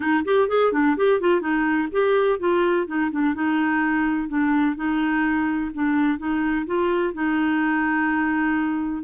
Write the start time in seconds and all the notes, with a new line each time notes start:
0.00 D#4
0.24 G4
0.48 G#4
0.72 D4
0.96 G4
1.20 F4
1.40 D#4
1.91 G4
2.39 F4
2.87 D#4
3.11 D4
3.34 D#4
4.28 D4
4.76 D#4
5.74 D4
6.18 D#4
6.66 F4
7.13 D#4